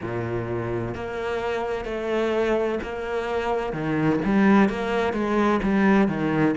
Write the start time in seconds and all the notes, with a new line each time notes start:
0.01 A#2
0.94 A#3
1.85 A3
2.83 A#3
3.72 D#3
4.24 G3
4.69 A#3
5.13 G#3
5.62 G3
6.08 D#3